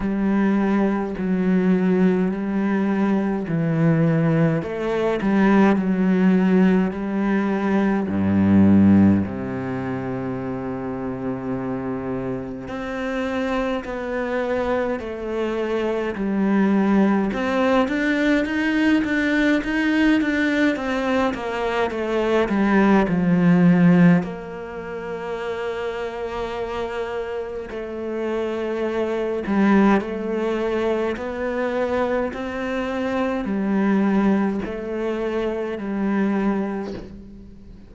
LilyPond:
\new Staff \with { instrumentName = "cello" } { \time 4/4 \tempo 4 = 52 g4 fis4 g4 e4 | a8 g8 fis4 g4 g,4 | c2. c'4 | b4 a4 g4 c'8 d'8 |
dis'8 d'8 dis'8 d'8 c'8 ais8 a8 g8 | f4 ais2. | a4. g8 a4 b4 | c'4 g4 a4 g4 | }